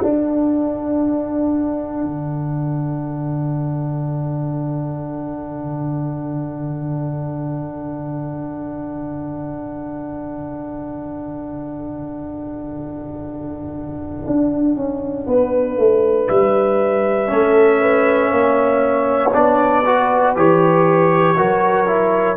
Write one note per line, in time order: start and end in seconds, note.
0.00 2.03 D4
0.00 17.26 D4
0.00 15.28 A4
0.00 16.27 F#5
2.03 14.24 D3
14.26 14.75 D4
14.75 15.26 C#4
15.27 15.77 B3
15.27 17.31 B4
15.77 16.28 A3
16.28 17.31 G3
16.28 19.33 E5
17.26 18.31 A3
17.26 19.30 C#4
17.26 17.81 A4
17.81 18.29 B4
18.29 19.33 A#3
18.29 19.82 C#5
19.33 20.36 B3
19.33 19.84 D4
19.33 20.35 D5
19.85 20.36 F#4
19.85 21.36 B4
20.36 21.37 E3
20.36 21.36 G4
20.36 22.36 C#5
21.36 22.36 F#3
21.36 21.86 F#4
21.36 22.36 A#4
21.86 22.36 E4